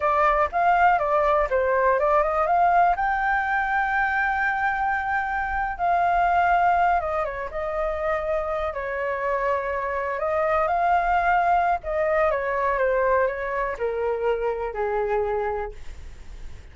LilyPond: \new Staff \with { instrumentName = "flute" } { \time 4/4 \tempo 4 = 122 d''4 f''4 d''4 c''4 | d''8 dis''8 f''4 g''2~ | g''2.~ g''8. f''16~ | f''2~ f''16 dis''8 cis''8 dis''8.~ |
dis''4.~ dis''16 cis''2~ cis''16~ | cis''8. dis''4 f''2~ f''16 | dis''4 cis''4 c''4 cis''4 | ais'2 gis'2 | }